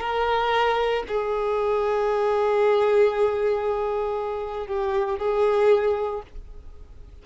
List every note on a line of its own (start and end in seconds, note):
0.00 1.03 A#4
1.08 4.66 G#4
4.66 5.18 G4
5.18 6.22 G#4